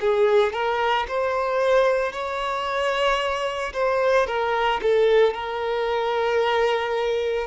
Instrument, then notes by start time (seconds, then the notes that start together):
violin
0.00 G#4
0.53 A#4
1.08 C5
2.12 C#5
3.73 C5
4.27 A#4
4.82 A4
5.33 A#4